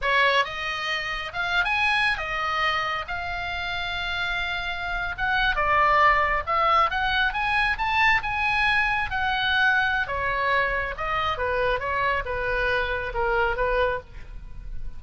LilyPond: \new Staff \with { instrumentName = "oboe" } { \time 4/4 \tempo 4 = 137 cis''4 dis''2 f''8. gis''16~ | gis''4 dis''2 f''4~ | f''2.~ f''8. fis''16~ | fis''8. d''2 e''4 fis''16~ |
fis''8. gis''4 a''4 gis''4~ gis''16~ | gis''8. fis''2~ fis''16 cis''4~ | cis''4 dis''4 b'4 cis''4 | b'2 ais'4 b'4 | }